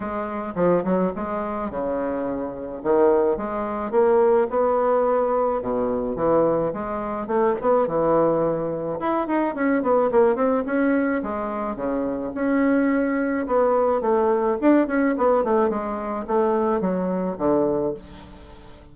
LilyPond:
\new Staff \with { instrumentName = "bassoon" } { \time 4/4 \tempo 4 = 107 gis4 f8 fis8 gis4 cis4~ | cis4 dis4 gis4 ais4 | b2 b,4 e4 | gis4 a8 b8 e2 |
e'8 dis'8 cis'8 b8 ais8 c'8 cis'4 | gis4 cis4 cis'2 | b4 a4 d'8 cis'8 b8 a8 | gis4 a4 fis4 d4 | }